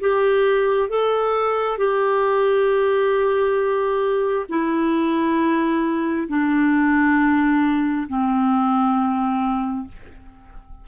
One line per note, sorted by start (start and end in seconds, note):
0.00 0.89 G4
0.89 1.77 A4
1.77 4.46 G4
4.49 6.28 E4
6.28 8.07 D4
8.08 9.88 C4